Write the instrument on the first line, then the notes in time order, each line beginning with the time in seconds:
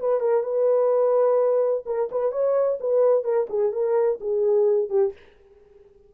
horn
0.00 B4
0.20 A#4
0.44 B4
1.86 A#4
2.12 B4
2.32 C#5
2.80 B4
3.24 A#4
3.50 G#4
3.72 A#4
4.21 G#4
4.90 G4